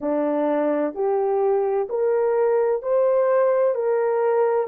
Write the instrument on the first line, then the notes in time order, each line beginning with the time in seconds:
horn
0.00 D4
0.94 G4
1.89 A#4
2.82 C5
3.75 A#4